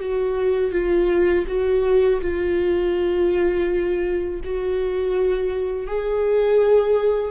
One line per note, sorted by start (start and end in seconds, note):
0.00 0.72 F#4
0.72 1.45 F4
1.48 2.21 F#4
2.22 4.41 F4
4.45 5.87 F#4
5.87 7.32 G#4